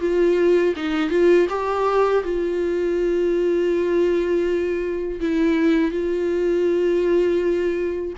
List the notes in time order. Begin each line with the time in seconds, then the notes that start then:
0.00 F4
0.75 D#4
1.10 F4
1.49 G4
2.23 F4
5.20 E4
5.91 F4